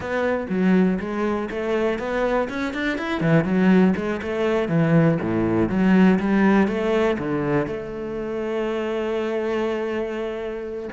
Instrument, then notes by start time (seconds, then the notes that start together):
cello
0.00 B3
0.49 F#3
0.99 G#3
1.50 A3
1.98 B3
2.49 C#4
2.73 D4
2.98 E4
3.21 E3
3.44 F#3
3.96 G#3
4.21 A3
4.68 E3
5.21 A2
5.69 F#3
6.19 G3
6.67 A3
7.18 D3
7.67 A3